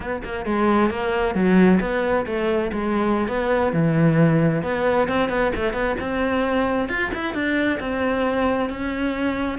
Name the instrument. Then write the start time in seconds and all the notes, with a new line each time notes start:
cello
0.00 B3
0.24 A#3
0.45 G#3
0.90 A#3
1.34 F#3
1.80 B3
2.26 A3
2.72 G#3
3.28 B3
3.72 E3
4.63 B3
5.08 C4
5.29 B3
5.55 A3
5.73 B3
6.00 C4
6.88 F4
7.14 E4
7.33 D4
7.80 C4
8.69 C#4